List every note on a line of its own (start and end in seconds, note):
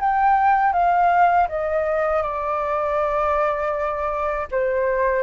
0.00 0.73 G5
0.73 1.48 F5
1.48 2.22 D#5
2.22 4.47 D5
4.51 5.23 C5